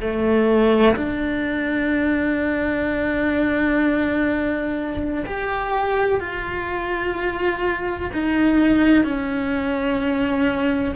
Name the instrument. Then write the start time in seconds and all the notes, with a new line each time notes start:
cello
0.00 A3
0.96 D4
5.26 G4
6.19 F4
8.13 D#4
9.04 C#4